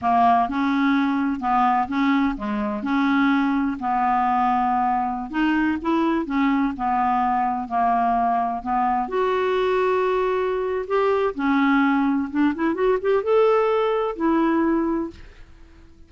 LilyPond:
\new Staff \with { instrumentName = "clarinet" } { \time 4/4 \tempo 4 = 127 ais4 cis'2 b4 | cis'4 gis4 cis'2 | b2.~ b16 dis'8.~ | dis'16 e'4 cis'4 b4.~ b16~ |
b16 ais2 b4 fis'8.~ | fis'2. g'4 | cis'2 d'8 e'8 fis'8 g'8 | a'2 e'2 | }